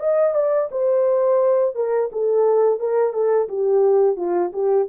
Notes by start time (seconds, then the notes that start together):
0.00 D#5
0.34 D5
0.71 C5
1.75 A#4
2.12 A4
2.80 A#4
3.13 A4
3.49 G4
4.16 F4
4.53 G4